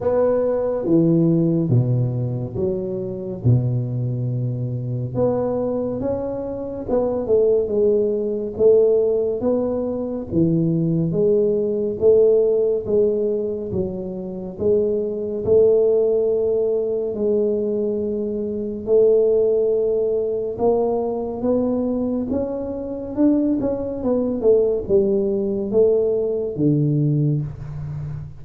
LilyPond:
\new Staff \with { instrumentName = "tuba" } { \time 4/4 \tempo 4 = 70 b4 e4 b,4 fis4 | b,2 b4 cis'4 | b8 a8 gis4 a4 b4 | e4 gis4 a4 gis4 |
fis4 gis4 a2 | gis2 a2 | ais4 b4 cis'4 d'8 cis'8 | b8 a8 g4 a4 d4 | }